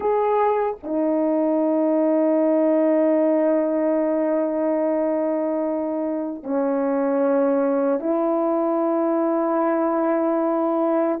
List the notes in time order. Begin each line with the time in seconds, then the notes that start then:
0.00 G#4
0.83 D#4
6.43 C#4
8.00 E4